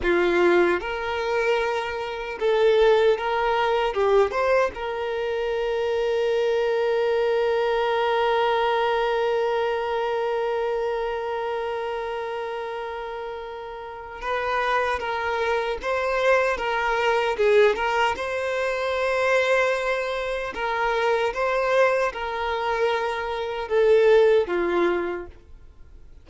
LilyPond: \new Staff \with { instrumentName = "violin" } { \time 4/4 \tempo 4 = 76 f'4 ais'2 a'4 | ais'4 g'8 c''8 ais'2~ | ais'1~ | ais'1~ |
ais'2 b'4 ais'4 | c''4 ais'4 gis'8 ais'8 c''4~ | c''2 ais'4 c''4 | ais'2 a'4 f'4 | }